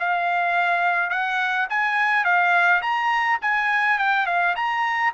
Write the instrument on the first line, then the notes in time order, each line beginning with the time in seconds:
trumpet
0.00 F5
1.10 F#5
1.70 G#5
2.25 F5
2.82 A#5
3.42 G#5
3.99 G5
4.26 F5
4.56 A#5